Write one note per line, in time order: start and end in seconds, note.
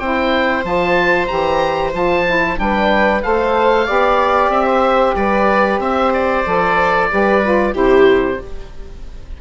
0.00 0.64 C4
0.00 0.63 E4
0.00 2.58 C5
0.00 0.65 G5
0.63 1.29 F3
0.63 1.27 F4
0.63 1.28 A5
1.28 1.94 E3
1.28 1.93 G4
1.28 1.92 A#5
1.93 2.59 F3
1.93 2.25 F4
1.93 2.60 A5
2.27 2.56 E4
2.56 3.23 G3
2.56 3.21 D4
2.56 3.25 B4
2.56 3.23 G5
3.23 3.89 A3
3.23 3.87 A4
3.23 3.86 C5
3.23 4.51 F5
3.86 4.49 B3
3.86 6.45 G4
3.86 4.66 D5
4.49 5.14 C4
4.49 5.16 E5
4.66 5.15 C5
5.16 5.79 G3
5.16 5.81 B4
5.16 5.81 D5
5.79 6.44 C4
5.79 7.10 C5
5.79 6.13 E5
6.14 7.75 D5
6.46 7.11 F3
6.46 7.10 A4
7.10 7.75 G3
7.10 7.43 G4
7.10 7.74 B4
7.43 7.73 F4
7.73 8.40 C3
7.73 8.38 E4
7.73 8.38 G4
7.73 8.41 C5